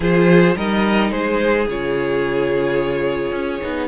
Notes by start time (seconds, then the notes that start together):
0.00 F3 F4 G#4 C5
0.56 G3 D#4 A#4 D#5
1.10 G#3 G#4 C5
1.67 C#3 F4 C#5
3.31 C#4
3.61 B3 D#4